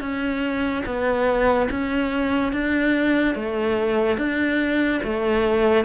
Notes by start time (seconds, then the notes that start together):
0.00 C#4
0.85 B3
1.70 C#4
2.52 D4
3.35 A3
4.17 D4
5.03 A3